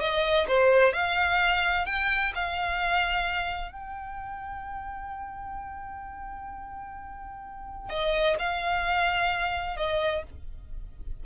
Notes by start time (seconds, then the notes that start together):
0.00 D#5
0.48 C5
0.93 F5
1.86 G5
2.35 F5
3.72 G5
7.89 D#5
8.39 F5
9.76 D#5